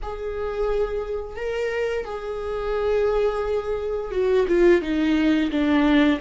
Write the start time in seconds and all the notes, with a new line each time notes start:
0.02 G#4
1.36 A#4
2.05 G#4
4.11 F#4
4.48 F4
4.81 D#4
5.50 D4